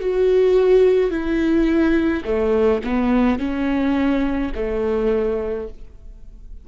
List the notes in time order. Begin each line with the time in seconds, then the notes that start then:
0.00 F#4
1.11 E4
2.25 A3
2.84 B3
3.39 C#4
4.54 A3